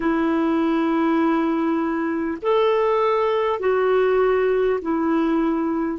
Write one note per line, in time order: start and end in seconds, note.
0.00 2.38 E4
2.42 3.59 A4
3.59 4.79 F#4
4.81 5.98 E4